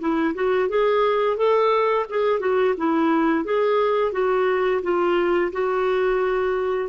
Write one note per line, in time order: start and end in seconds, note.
0.00 0.34 E4
0.35 0.70 F#4
0.70 1.37 G#4
1.37 2.06 A4
2.10 2.40 G#4
2.40 2.75 F#4
2.78 3.45 E4
3.45 4.13 G#4
4.13 4.82 F#4
4.83 5.52 F4
5.53 6.90 F#4